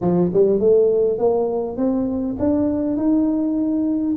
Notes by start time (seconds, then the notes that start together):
0.01 F3
0.33 G3
0.59 A3
1.18 A#3
1.77 C4
2.39 D4
2.96 D#4